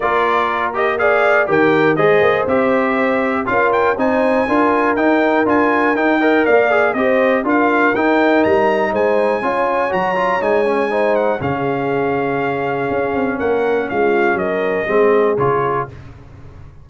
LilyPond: <<
  \new Staff \with { instrumentName = "trumpet" } { \time 4/4 \tempo 4 = 121 d''4. dis''8 f''4 g''4 | dis''4 e''2 f''8 g''8 | gis''2 g''4 gis''4 | g''4 f''4 dis''4 f''4 |
g''4 ais''4 gis''2 | ais''4 gis''4. fis''8 f''4~ | f''2. fis''4 | f''4 dis''2 cis''4 | }
  \new Staff \with { instrumentName = "horn" } { \time 4/4 ais'2 d''4 ais'4 | c''2. ais'4 | c''4 ais'2.~ | ais'8 dis''8 d''4 c''4 ais'4~ |
ais'2 c''4 cis''4~ | cis''2 c''4 gis'4~ | gis'2. ais'4 | f'4 ais'4 gis'2 | }
  \new Staff \with { instrumentName = "trombone" } { \time 4/4 f'4. g'8 gis'4 g'4 | gis'4 g'2 f'4 | dis'4 f'4 dis'4 f'4 | dis'8 ais'4 gis'8 g'4 f'4 |
dis'2. f'4 | fis'8 f'8 dis'8 cis'8 dis'4 cis'4~ | cis'1~ | cis'2 c'4 f'4 | }
  \new Staff \with { instrumentName = "tuba" } { \time 4/4 ais2. dis4 | gis8 ais8 c'2 cis'4 | c'4 d'4 dis'4 d'4 | dis'4 ais4 c'4 d'4 |
dis'4 g4 gis4 cis'4 | fis4 gis2 cis4~ | cis2 cis'8 c'8 ais4 | gis4 fis4 gis4 cis4 | }
>>